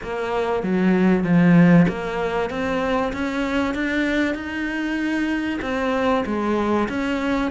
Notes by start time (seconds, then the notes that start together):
0.03 A#3
0.63 F#3
1.24 F3
1.88 A#3
2.49 C4
3.12 C#4
3.74 D4
4.34 D#4
5.61 C4
6.26 G#3
6.88 C#4